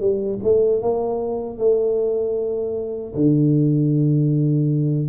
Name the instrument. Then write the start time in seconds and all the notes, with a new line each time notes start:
tuba
0.00 G3
0.44 A3
0.81 A#3
1.58 A3
3.15 D3